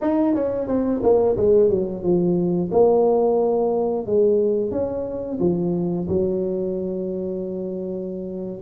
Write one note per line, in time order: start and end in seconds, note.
0.01 0.34 D#4
0.34 0.67 C#4
0.67 1.01 C4
1.02 1.36 A#3
1.36 1.69 G#3
1.69 2.02 F#3
2.02 2.70 F3
2.71 4.06 A#3
4.06 4.71 G#3
4.71 5.38 C#4
5.39 6.07 F3
6.07 8.60 F#3